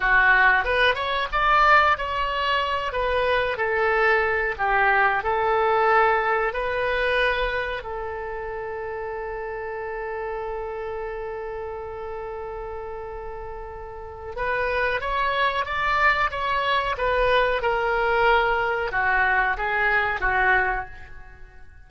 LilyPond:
\new Staff \with { instrumentName = "oboe" } { \time 4/4 \tempo 4 = 92 fis'4 b'8 cis''8 d''4 cis''4~ | cis''8 b'4 a'4. g'4 | a'2 b'2 | a'1~ |
a'1~ | a'2 b'4 cis''4 | d''4 cis''4 b'4 ais'4~ | ais'4 fis'4 gis'4 fis'4 | }